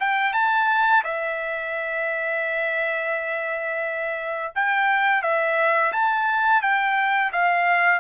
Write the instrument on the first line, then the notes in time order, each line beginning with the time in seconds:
trumpet
0.00 G5
0.34 A5
1.04 E5
4.55 G5
5.23 E5
5.92 A5
6.62 G5
7.33 F5